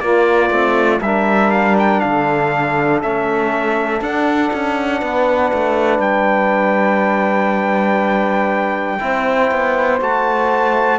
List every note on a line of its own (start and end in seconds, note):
0.00 0.50 A#3
0.00 0.51 A#3
0.00 1.01 F4
0.00 1.00 D5
0.50 1.00 A3
0.50 1.01 C4
1.01 2.01 G3
1.01 3.03 D4
1.01 2.03 A#4
1.01 1.51 E5
1.51 1.76 F5
1.79 2.00 G5
2.00 3.03 D3
2.00 4.99 A4
2.00 3.00 F5
3.02 4.01 A3
3.02 4.03 C#4
3.02 4.02 E5
4.01 4.51 D4
4.01 8.99 D4
4.01 6.01 F#5
4.53 5.02 C#4
4.99 5.52 B3
4.99 8.99 B4
5.54 5.99 A3
5.99 8.99 G3
5.99 10.01 G5
8.99 9.51 C4
8.99 9.99 E4
8.99 10.99 C5
9.51 10.01 B3
10.00 10.99 A3
10.00 10.99 F#4
10.00 10.99 A5